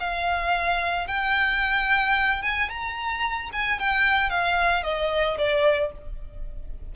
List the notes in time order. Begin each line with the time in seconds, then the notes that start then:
0.00 F5
1.07 G5
2.43 G#5
2.70 A#5
3.53 G#5
3.80 G5
4.30 F5
4.84 D#5
5.38 D5